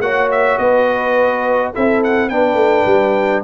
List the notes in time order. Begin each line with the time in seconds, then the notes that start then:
0.00 A#3 F#4 C#5 F#5
0.31 E5
0.58 B3 B4 D#5
1.73 C4 E4 A4 E5
2.03 F#5
2.28 B3 D4 B4 G5
2.54 A3
2.85 G3